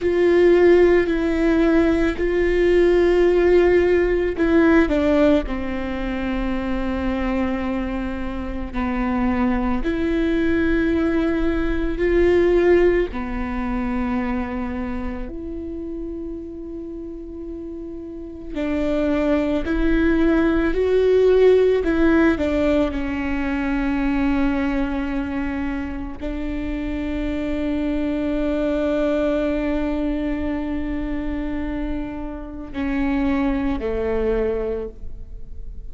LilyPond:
\new Staff \with { instrumentName = "viola" } { \time 4/4 \tempo 4 = 55 f'4 e'4 f'2 | e'8 d'8 c'2. | b4 e'2 f'4 | b2 e'2~ |
e'4 d'4 e'4 fis'4 | e'8 d'8 cis'2. | d'1~ | d'2 cis'4 a4 | }